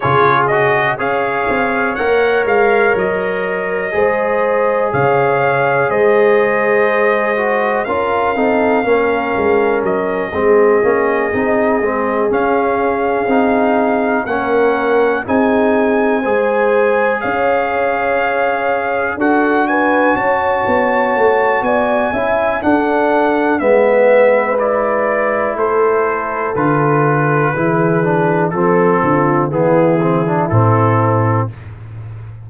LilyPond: <<
  \new Staff \with { instrumentName = "trumpet" } { \time 4/4 \tempo 4 = 61 cis''8 dis''8 f''4 fis''8 f''8 dis''4~ | dis''4 f''4 dis''2 | f''2 dis''2~ | dis''8 f''2 fis''4 gis''8~ |
gis''4. f''2 fis''8 | gis''8 a''4. gis''4 fis''4 | e''4 d''4 c''4 b'4~ | b'4 a'4 gis'4 a'4 | }
  \new Staff \with { instrumentName = "horn" } { \time 4/4 gis'4 cis''2. | c''4 cis''4 c''2 | ais'8 a'8 ais'4. gis'4.~ | gis'2~ gis'8 ais'4 gis'8~ |
gis'8 c''4 cis''2 a'8 | b'8 cis''4. d''8 e''8 a'4 | b'2 a'2 | gis'4 a'8 f'8 e'2 | }
  \new Staff \with { instrumentName = "trombone" } { \time 4/4 f'8 fis'8 gis'4 ais'2 | gis'2.~ gis'8 fis'8 | f'8 dis'8 cis'4. c'8 cis'8 dis'8 | c'8 cis'4 dis'4 cis'4 dis'8~ |
dis'8 gis'2. fis'8~ | fis'2~ fis'8 e'8 d'4 | b4 e'2 f'4 | e'8 d'8 c'4 b8 c'16 d'16 c'4 | }
  \new Staff \with { instrumentName = "tuba" } { \time 4/4 cis4 cis'8 c'8 ais8 gis8 fis4 | gis4 cis4 gis2 | cis'8 c'8 ais8 gis8 fis8 gis8 ais8 c'8 | gis8 cis'4 c'4 ais4 c'8~ |
c'8 gis4 cis'2 d'8~ | d'8 cis'8 b8 a8 b8 cis'8 d'4 | gis2 a4 d4 | e4 f8 d8 e4 a,4 | }
>>